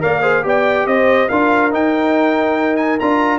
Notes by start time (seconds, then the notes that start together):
0.00 A#3 A#4 D5 F5
0.22 G#4 C5
0.43 B3 G4 D5 G5
0.86 C4 C5 D#5
1.29 D4 F4 A#4 F5
1.72 D#4 G5
2.77 G#5
3.00 D4 F4 A#5